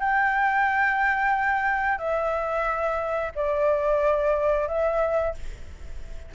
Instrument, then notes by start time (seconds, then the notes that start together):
flute
0.00 G5
1.98 E5
3.35 D5
4.68 E5